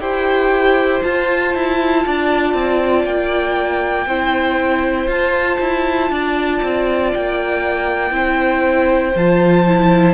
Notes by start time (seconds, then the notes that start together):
0.00 E4 G4 C5 G5
1.02 F4 A5
1.55 E4
2.06 D4 D5
2.54 C4
3.05 A#3 G5
4.07 C4 E4 C5
5.07 F4 A5
5.60 E4
6.10 D4 D5
6.63 C4
7.14 A#3 G5
8.11 C4 E4 C5
9.15 F3 F4 A5
9.67 E4